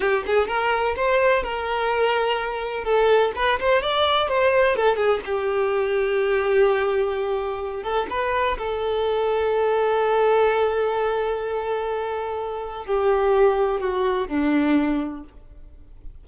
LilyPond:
\new Staff \with { instrumentName = "violin" } { \time 4/4 \tempo 4 = 126 g'8 gis'8 ais'4 c''4 ais'4~ | ais'2 a'4 b'8 c''8 | d''4 c''4 a'8 gis'8 g'4~ | g'1~ |
g'8 a'8 b'4 a'2~ | a'1~ | a'2. g'4~ | g'4 fis'4 d'2 | }